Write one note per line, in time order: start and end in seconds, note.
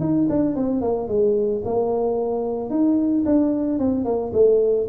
0.00 0.27 D#4
0.29 0.56 D4
0.56 0.81 C4
0.81 1.08 A#3
1.08 1.62 G#3
1.65 2.70 A#3
2.70 3.24 D#4
3.26 3.79 D4
3.79 4.05 C4
4.05 4.32 A#3
4.33 4.87 A3